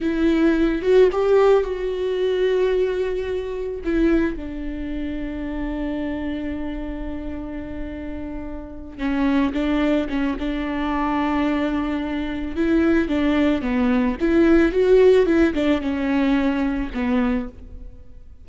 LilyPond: \new Staff \with { instrumentName = "viola" } { \time 4/4 \tempo 4 = 110 e'4. fis'8 g'4 fis'4~ | fis'2. e'4 | d'1~ | d'1~ |
d'8 cis'4 d'4 cis'8 d'4~ | d'2. e'4 | d'4 b4 e'4 fis'4 | e'8 d'8 cis'2 b4 | }